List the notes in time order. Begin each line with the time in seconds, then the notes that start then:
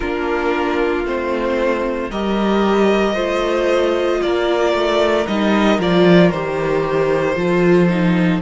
0.00 A#3 D4 F4 A#4
1.04 A3 C4 C5
2.10 G3 G4 A#4 D#5
3.13 A3 F4 C5
4.21 A#3 A#4 D5
4.73 A3
5.27 G3 D#4 D#5
5.78 F3 F4 D5
6.30 D#3 G4 C5
7.36 F3 F4 A4
7.88 D#4